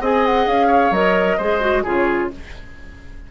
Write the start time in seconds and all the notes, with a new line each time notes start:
0.00 C4 G#4 D#5 G#5
0.26 F#5
0.46 C#4 F5
0.67 C#5
0.91 F#3 A#4 D#5
1.37 G#3 G#4 C5
1.60 F#4
1.83 C#3 F4 G#4 C#5